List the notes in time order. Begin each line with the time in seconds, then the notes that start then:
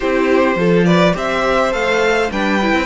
0.00 C4 E4 G4 C5
0.55 F3 F4 A4
0.85 B4 D5
1.13 C4 G4 C5 E5
1.71 A3 A4 F5
2.31 G3 D4 B4 G5
2.62 E4
2.72 C4